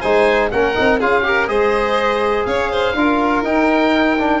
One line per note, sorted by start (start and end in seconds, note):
0.00 0.51 G#3
0.00 0.51 D#4
0.00 0.49 C5
0.00 0.49 G#5
0.51 0.76 A#3
0.51 0.75 C#4
0.51 0.99 A#4
0.51 1.00 F#5
0.75 1.01 C4
0.75 0.99 D#4
0.99 1.48 C#4
0.99 1.23 F4
0.99 1.24 G#4
0.99 1.47 F5
1.23 1.47 G4
1.23 1.48 A#4
1.47 2.45 G#3
1.47 2.93 G#4
1.47 2.46 C5
1.47 2.45 D#5
2.45 2.94 C#4
2.45 2.71 C#5
2.45 3.42 F5
2.71 2.95 C5
2.94 3.42 D4
2.94 3.44 F4
2.94 4.40 A#4
3.42 4.39 D#4
3.42 4.17 D#4
3.42 4.40 G5
4.18 4.40 D4